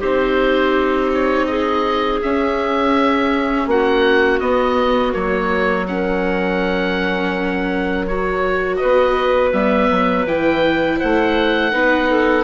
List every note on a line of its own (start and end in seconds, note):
0.00 2.21 C4
0.00 2.21 D#4
0.00 1.46 G4
0.00 1.11 C5
1.14 1.46 C#5
1.46 3.67 G#4
1.46 2.20 D#5
2.22 4.41 C#4
2.22 3.67 C#4
2.22 3.68 E5
3.67 4.40 A#3
3.67 5.89 F#4
3.67 4.40 F#5
4.40 5.14 B3
4.40 5.13 B3
4.40 5.13 D#5
5.13 8.80 F#3
5.13 5.86 A#3
5.13 5.86 C#5
5.87 8.08 C#4
5.87 8.79 A#4
5.87 8.06 F#5
8.07 9.53 F#4
8.07 8.76 C#5
8.76 9.52 B3
8.76 10.98 B4
8.76 9.50 D#5
9.52 9.89 G3
9.52 10.26 B3
9.52 10.26 E5
9.90 10.25 F#3
10.25 10.99 E3
10.25 11.71 E4
10.25 10.99 G5
10.98 11.73 A3
10.98 11.71 C5
10.98 12.44 F#5
11.71 12.44 B3
11.71 12.44 D#4
11.71 12.09 B4
12.10 12.44 A4